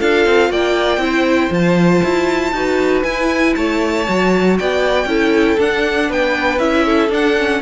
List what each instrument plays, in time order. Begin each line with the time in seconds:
0.00 cello D4, viola F4, violin A4 F5
0.26 cello C4
0.49 cello A#3, violin D5 G5
0.97 cello C4, viola E4, violin C5
1.50 cello F3, viola F4, violin A5
2.04 cello E4
2.52 cello D#4, viola F#4, violin B4
3.03 viola E4, cello E4, violin G#5
3.55 cello A3, violin C#5 A5
4.08 cello F#3, viola F#4
4.58 cello B3, violin D5 G5
5.05 cello C#4, viola E4, violin A4
5.58 viola D4, cello D4, violin F#5
6.09 cello B3, violin B4 G5
6.59 cello C#4, viola E4, violin E5
6.85 violin A4
7.09 cello D4, viola D4, violin F#5
7.37 viola C#4